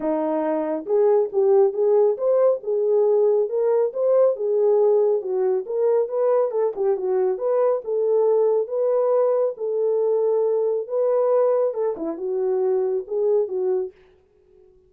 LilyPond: \new Staff \with { instrumentName = "horn" } { \time 4/4 \tempo 4 = 138 dis'2 gis'4 g'4 | gis'4 c''4 gis'2 | ais'4 c''4 gis'2 | fis'4 ais'4 b'4 a'8 g'8 |
fis'4 b'4 a'2 | b'2 a'2~ | a'4 b'2 a'8 e'8 | fis'2 gis'4 fis'4 | }